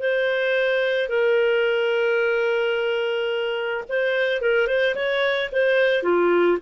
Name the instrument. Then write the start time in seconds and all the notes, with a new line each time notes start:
clarinet
0.00 C5
1.09 A#4
3.89 C5
4.41 A#4
4.68 C5
4.95 C#5
5.52 C5
6.03 F4